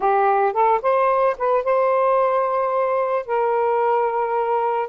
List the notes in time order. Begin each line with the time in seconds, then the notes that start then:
0.00 G4
0.53 A4
0.82 C5
1.38 B4
1.64 C5
3.26 A#4